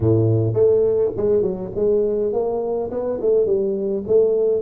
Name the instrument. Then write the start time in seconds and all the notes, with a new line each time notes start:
tuba
0.00 A2
0.53 A3
1.17 G#3
1.42 F#3
1.75 G#3
2.32 A#3
2.90 B3
3.21 A3
3.46 G3
4.07 A3